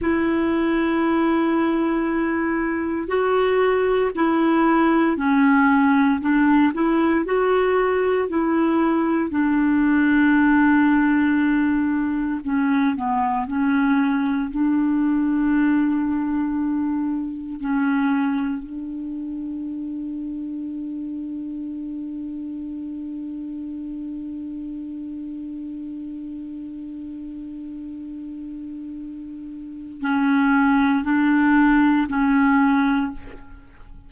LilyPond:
\new Staff \with { instrumentName = "clarinet" } { \time 4/4 \tempo 4 = 58 e'2. fis'4 | e'4 cis'4 d'8 e'8 fis'4 | e'4 d'2. | cis'8 b8 cis'4 d'2~ |
d'4 cis'4 d'2~ | d'1~ | d'1~ | d'4 cis'4 d'4 cis'4 | }